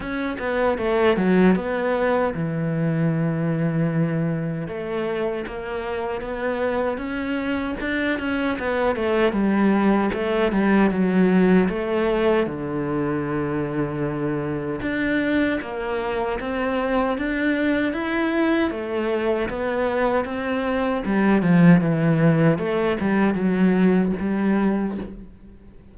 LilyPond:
\new Staff \with { instrumentName = "cello" } { \time 4/4 \tempo 4 = 77 cis'8 b8 a8 fis8 b4 e4~ | e2 a4 ais4 | b4 cis'4 d'8 cis'8 b8 a8 | g4 a8 g8 fis4 a4 |
d2. d'4 | ais4 c'4 d'4 e'4 | a4 b4 c'4 g8 f8 | e4 a8 g8 fis4 g4 | }